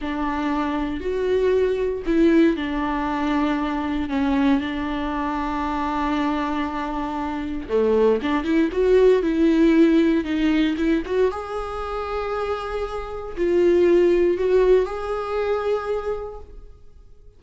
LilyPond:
\new Staff \with { instrumentName = "viola" } { \time 4/4 \tempo 4 = 117 d'2 fis'2 | e'4 d'2. | cis'4 d'2.~ | d'2. a4 |
d'8 e'8 fis'4 e'2 | dis'4 e'8 fis'8 gis'2~ | gis'2 f'2 | fis'4 gis'2. | }